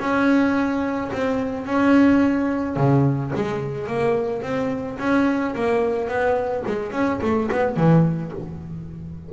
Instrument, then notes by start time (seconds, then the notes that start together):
double bass
0.00 C#4
1.12 C4
1.66 C#4
2.76 C#3
3.35 G#3
3.87 A#3
4.42 C4
4.99 C#4
5.55 A#3
6.08 B3
6.67 G#3
6.92 C#4
7.22 A3
7.52 B3
7.77 E3